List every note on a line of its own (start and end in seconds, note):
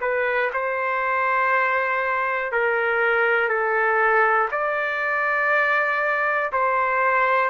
0.00 0.50 B4
0.53 2.51 C5
2.51 3.48 A#4
3.48 4.48 A4
4.51 6.51 D5
6.52 7.50 C5